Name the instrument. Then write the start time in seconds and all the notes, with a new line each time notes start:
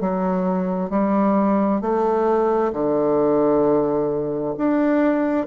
bassoon
0.00 F#3
0.90 G3
1.81 A3
2.73 D3
4.57 D4